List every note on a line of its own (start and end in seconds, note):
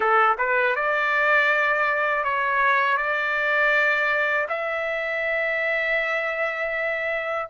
0.00 0.36 A4
0.38 0.75 B4
0.75 2.24 D5
2.24 2.97 C#5
2.97 4.47 D5
4.48 7.48 E5